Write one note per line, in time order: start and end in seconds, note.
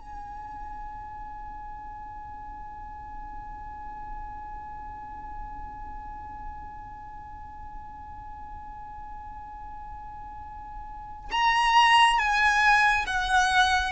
0.00 11.30 G#5
11.32 12.19 A#5
12.19 13.06 G#5
13.07 13.92 F#5